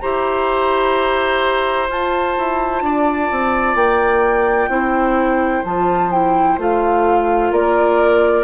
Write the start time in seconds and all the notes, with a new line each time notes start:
0.00 E4 G4 C5 A#5
1.88 F4 A5
2.38 E4
2.82 D4 D5
3.31 C4
3.75 A#3 G5
4.68 C4 E4 C5
5.64 F3 F4 A5
6.11 E4 G5
6.58 A3 F4 F5
7.52 A#3 A#4 D5